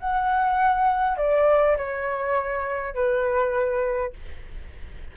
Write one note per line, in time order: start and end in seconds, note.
0.00 1.18 F#5
1.18 1.77 D5
1.78 2.95 C#5
2.95 4.13 B4